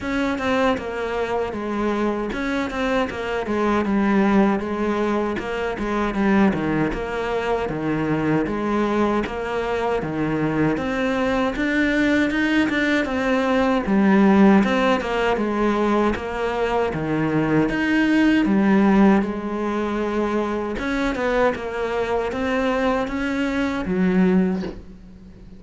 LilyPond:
\new Staff \with { instrumentName = "cello" } { \time 4/4 \tempo 4 = 78 cis'8 c'8 ais4 gis4 cis'8 c'8 | ais8 gis8 g4 gis4 ais8 gis8 | g8 dis8 ais4 dis4 gis4 | ais4 dis4 c'4 d'4 |
dis'8 d'8 c'4 g4 c'8 ais8 | gis4 ais4 dis4 dis'4 | g4 gis2 cis'8 b8 | ais4 c'4 cis'4 fis4 | }